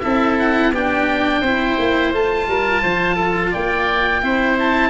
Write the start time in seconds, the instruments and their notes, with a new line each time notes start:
0.00 tuba C4, cello E4, oboe A4 E5
0.40 oboe F#5
0.72 tuba B3, cello D4, oboe G4 G5
1.42 tuba C4, cello E4, oboe C5
1.79 tuba A#3
2.13 tuba A3, cello F4, oboe A5
2.48 tuba G3, oboe A#4
2.83 tuba F3, oboe C5
3.16 oboe A4
3.52 tuba A#3, oboe D5 G5
4.23 tuba C4, cello E4, oboe C5
4.60 oboe A5